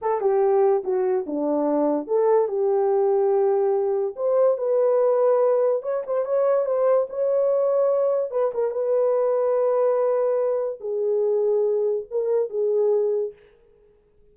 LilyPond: \new Staff \with { instrumentName = "horn" } { \time 4/4 \tempo 4 = 144 a'8 g'4. fis'4 d'4~ | d'4 a'4 g'2~ | g'2 c''4 b'4~ | b'2 cis''8 c''8 cis''4 |
c''4 cis''2. | b'8 ais'8 b'2.~ | b'2 gis'2~ | gis'4 ais'4 gis'2 | }